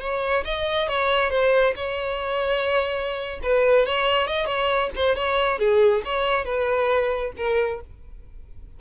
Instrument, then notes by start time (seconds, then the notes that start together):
violin
0.00 C#5
0.44 D#5
0.88 C#5
1.30 C5
1.76 C#5
3.42 B4
3.86 C#5
4.27 D#5
4.46 C#5
4.95 C5
5.15 C#5
5.59 G#4
6.04 C#5
6.45 B4
7.37 A#4